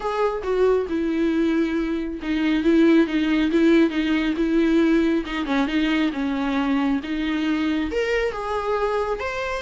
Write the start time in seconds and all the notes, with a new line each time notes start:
0.00 G#4
0.43 F#4
0.89 E4
2.22 D#4
2.63 E4
3.07 D#4
3.51 E4
3.90 D#4
4.36 E4
5.25 D#4
5.45 C#4
5.67 D#4
6.13 C#4
7.03 D#4
7.91 A#4
8.32 G#4
9.19 C5